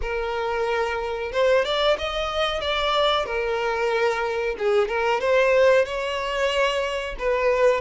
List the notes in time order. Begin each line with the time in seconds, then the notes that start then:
0.01 A#4
1.32 C5
1.64 D5
1.98 D#5
2.61 D5
3.25 A#4
4.58 G#4
4.88 A#4
5.20 C5
5.85 C#5
7.18 B4